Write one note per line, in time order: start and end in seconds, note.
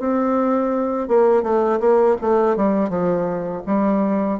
0.00 1.08 C4
1.08 1.43 A#3
1.43 1.80 A3
1.80 2.17 A#3
2.22 2.57 A3
2.57 2.90 G3
2.90 3.63 F3
3.67 4.40 G3